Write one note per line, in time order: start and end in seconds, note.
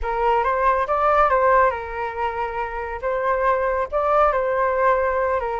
0.02 0.43 A#4
0.43 0.86 C5
0.87 1.29 D5
1.29 1.70 C5
1.70 3.00 A#4
3.01 3.88 C5
3.91 4.32 D5
4.32 5.40 C5
5.40 5.60 A#4